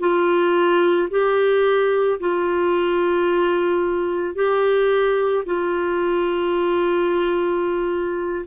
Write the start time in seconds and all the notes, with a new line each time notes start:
0.00 F4
1.11 G4
2.20 F4
4.35 G4
5.46 F4